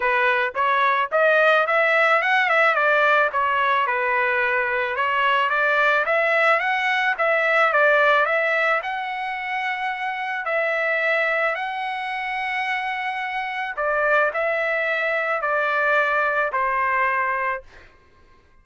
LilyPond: \new Staff \with { instrumentName = "trumpet" } { \time 4/4 \tempo 4 = 109 b'4 cis''4 dis''4 e''4 | fis''8 e''8 d''4 cis''4 b'4~ | b'4 cis''4 d''4 e''4 | fis''4 e''4 d''4 e''4 |
fis''2. e''4~ | e''4 fis''2.~ | fis''4 d''4 e''2 | d''2 c''2 | }